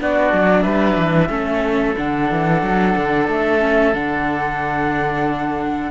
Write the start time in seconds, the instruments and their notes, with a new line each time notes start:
0.00 cello B3, viola D4, oboe F#4, flute D5
0.34 cello F#3
0.63 cello G3, oboe B4, flute E5
0.98 cello E3
1.29 cello A3, viola C#4, oboe A4
1.97 cello D3, viola D4, flute F#5
2.31 cello E3
2.62 cello F#3
2.97 cello D3
3.29 cello A3, flute E5
3.60 viola C#4
3.94 cello D3, viola D4, flute F#5